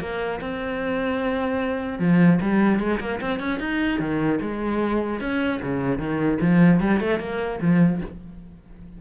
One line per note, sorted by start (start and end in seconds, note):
0.00 0.40 A#3
0.41 1.99 C4
1.99 2.39 F3
2.41 2.79 G3
2.79 2.99 G#3
3.00 3.20 A#3
3.21 3.39 C4
3.39 3.59 C#4
3.60 4.00 D#4
4.00 4.40 D#3
4.41 5.20 G#3
5.20 5.60 C#4
5.62 5.98 C#3
5.98 6.38 D#3
6.41 6.80 F3
6.80 7.00 G3
7.00 7.20 A3
7.20 7.60 A#3
7.61 8.01 F3